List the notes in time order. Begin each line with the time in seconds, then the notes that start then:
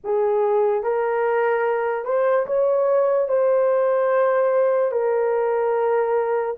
0.03 G#4
0.83 A#4
2.04 C5
2.46 C#5
3.28 C5
4.91 A#4